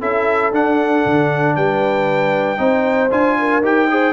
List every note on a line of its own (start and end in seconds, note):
0.00 0.52 C#4
0.00 0.53 E4
0.00 1.55 A4
0.00 0.53 E5
0.52 1.04 D4
0.52 2.58 D4
0.52 1.56 F#5
1.06 1.56 D3
1.56 2.59 G3
1.56 2.59 B4
1.56 3.11 G5
2.58 3.11 C4
2.58 3.09 D#4
2.58 3.37 C5
3.11 3.62 D4
3.11 3.62 F4
3.11 3.63 G#5
3.39 3.91 A#4
3.62 4.13 D#4
3.62 3.88 G4
3.62 4.13 G5
3.90 4.13 G#4
3.90 4.13 C5